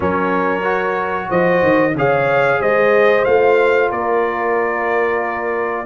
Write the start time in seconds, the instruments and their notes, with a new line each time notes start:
0.00 tuba F#3, trombone C#4, horn A#4, trumpet C#5
0.62 trombone F#4
1.29 tuba F3, horn C5, trumpet D#5
1.62 tuba D#3
1.94 tuba C#3, trombone G#4, horn C#5, trumpet F5
2.60 tuba G#3, horn C5, trumpet D#5
3.24 tuba A3, trombone F4, trumpet F5
3.89 tuba A#3, horn A#4, trumpet D5